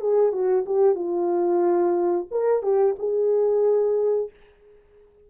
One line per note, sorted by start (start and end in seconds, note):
0.00 0.32 G#4
0.32 0.65 F#4
0.65 0.95 G4
0.95 2.27 F4
2.31 2.62 A#4
2.62 2.95 G4
2.98 4.30 G#4